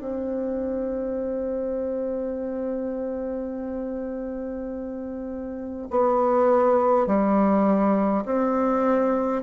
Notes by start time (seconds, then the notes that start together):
0.00 C4
5.90 B3
7.06 G3
8.25 C4